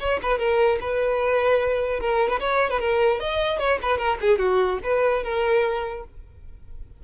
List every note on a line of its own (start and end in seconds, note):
0.00 0.20 C#5
0.23 0.39 B4
0.39 0.79 A#4
0.81 2.01 B4
2.01 2.30 A#4
2.30 2.40 B4
2.40 2.70 C#5
2.71 2.80 B4
2.80 3.20 A#4
3.20 3.59 D#5
3.59 3.79 C#5
3.82 3.98 B4
3.98 4.18 A#4
4.21 4.39 G#4
4.39 4.79 F#4
4.83 5.23 B4
5.23 6.04 A#4